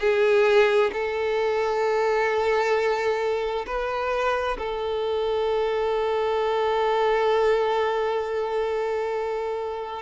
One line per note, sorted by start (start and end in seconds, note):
0.00 0.91 G#4
0.93 3.66 A4
3.67 4.57 B4
4.58 10.02 A4